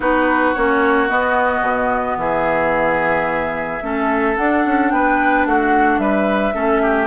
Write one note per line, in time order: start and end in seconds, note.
0.00 0.54 B3
0.00 0.54 D#4
0.00 2.17 F#4
0.00 0.54 B4
0.54 1.10 A#3
0.54 1.08 C#4
0.54 1.08 C#5
1.08 3.80 B3
1.08 1.61 B3
1.08 2.18 D#5
1.61 2.15 B2
2.16 3.80 E3
2.16 3.83 G#4
2.16 4.36 E5
3.81 4.36 A3
3.81 4.36 C#4
3.81 4.92 A4
4.36 6.53 D4
4.36 4.65 D4
4.36 4.90 F#5
4.65 4.91 C#4
4.90 5.45 B3
4.90 5.47 B4
4.90 5.45 G5
5.45 5.97 A3
5.45 6.00 F#4
5.45 5.98 F#5
5.97 6.52 G3
5.97 6.54 B4
5.97 7.07 E5
6.53 7.07 A3
6.53 7.07 C#4
6.53 6.81 A4
6.82 7.07 G4